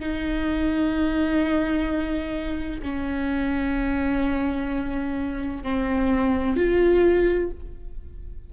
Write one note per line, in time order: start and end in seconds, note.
0.00 2.81 D#4
2.83 5.63 C#4
5.63 6.57 C4
6.57 7.50 F4